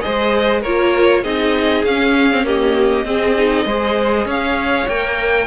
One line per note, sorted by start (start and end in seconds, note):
0.00 0.61 G#4
0.00 0.61 C5
0.00 0.61 D#5
0.06 0.65 G#3
0.61 1.24 A#3
0.61 1.24 F4
0.61 1.22 A#4
0.61 1.24 C#5
1.22 1.85 C4
1.22 1.84 D#4
1.22 2.44 G#4
1.22 1.84 D#5
1.85 3.05 C#4
1.85 2.32 C#4
1.85 2.46 F5
2.32 2.44 C4
2.44 3.04 A#3
2.44 3.06 G4
2.44 4.28 D#5
3.05 3.65 C4
3.05 3.36 C4
3.05 3.66 G#4
3.37 3.68 D#4
3.65 4.25 G#3
3.65 4.89 G#4
3.65 4.26 C5
4.25 4.86 C#4
4.25 5.47 C#5
4.25 4.89 F5
4.88 5.47 A#3
4.88 5.47 A#4
4.88 5.47 G5